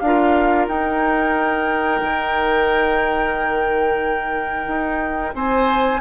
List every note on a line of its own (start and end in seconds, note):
0.00 0.68 D4
0.00 0.71 F4
0.00 0.67 F5
0.06 5.35 A#4
0.68 2.02 D#4
0.68 6.01 D#4
0.68 5.35 G5
2.02 4.67 D#3
4.67 5.34 D#4
5.35 6.01 C4
5.35 6.01 C5
5.35 6.01 G#5